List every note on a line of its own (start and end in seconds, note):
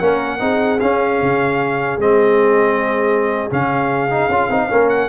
0.00 0.41 A#3
0.00 0.40 C#4
0.00 0.40 A#4
0.00 0.80 F#5
0.40 0.81 C4
0.40 0.80 D#4
0.40 4.71 G#4
0.80 2.00 C#4
0.80 1.22 C#4
0.80 2.00 F5
1.22 1.98 C#3
1.98 3.48 G#3
1.98 3.50 C4
1.98 3.51 D#5
3.51 4.29 C#3
3.51 4.11 C#4
3.51 4.90 F5
4.11 4.31 D#4
4.29 4.49 C#4
4.29 4.51 F4
4.50 4.70 C4
4.50 4.70 D#4
4.70 5.10 A#3
4.70 5.10 C#4
4.70 5.10 A#4
4.90 5.10 F#5